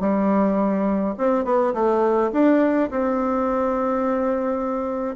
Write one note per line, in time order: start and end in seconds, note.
0.00 1.14 G3
1.18 1.44 C4
1.44 1.73 B3
1.74 2.31 A3
2.32 2.89 D4
2.90 5.16 C4